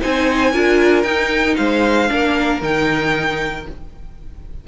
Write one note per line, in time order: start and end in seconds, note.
0.00 0.53 C4
0.00 0.52 D#4
0.00 0.52 C5
0.00 1.02 G#5
0.52 1.04 D4
0.52 1.05 F4
0.52 1.56 A#4
1.02 1.56 D#4
1.02 2.08 D#4
1.02 1.54 G5
1.56 2.10 G#3
1.56 2.10 C5
1.56 2.60 F5
2.08 2.62 A#3
2.08 2.60 D4
2.08 3.68 A#4
2.62 3.66 D#3
2.62 3.66 D#4
2.62 3.67 G5